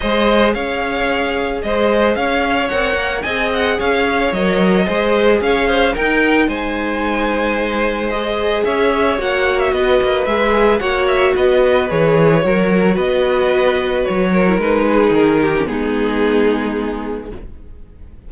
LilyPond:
<<
  \new Staff \with { instrumentName = "violin" } { \time 4/4 \tempo 4 = 111 dis''4 f''2 dis''4 | f''4 fis''4 gis''8 fis''8 f''4 | dis''2 f''4 g''4 | gis''2. dis''4 |
e''4 fis''8. e''16 dis''4 e''4 | fis''8 e''8 dis''4 cis''2 | dis''2 cis''4 b'4 | ais'4 gis'2. | }
  \new Staff \with { instrumentName = "violin" } { \time 4/4 c''4 cis''2 c''4 | cis''2 dis''4 cis''4~ | cis''4 c''4 cis''8 c''8 ais'4 | c''1 |
cis''2 b'2 | cis''4 b'2 ais'4 | b'2~ b'8 ais'4 gis'8~ | gis'8 g'8 dis'2. | }
  \new Staff \with { instrumentName = "viola" } { \time 4/4 gis'1~ | gis'4 ais'4 gis'2 | ais'4 gis'2 dis'4~ | dis'2. gis'4~ |
gis'4 fis'2 gis'4 | fis'2 gis'4 fis'4~ | fis'2~ fis'8. e'16 dis'4~ | dis'8. cis'16 b2. | }
  \new Staff \with { instrumentName = "cello" } { \time 4/4 gis4 cis'2 gis4 | cis'4 c'8 ais8 c'4 cis'4 | fis4 gis4 cis'4 dis'4 | gis1 |
cis'4 ais4 b8 ais8 gis4 | ais4 b4 e4 fis4 | b2 fis4 gis4 | dis4 gis2. | }
>>